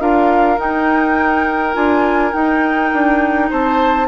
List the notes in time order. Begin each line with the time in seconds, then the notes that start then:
0.00 D4 F4 A#4 F5
0.57 D#4 G5
1.74 D4 F4 G#5
2.33 D#4 G5
2.93 D4
3.50 C4 C5 A5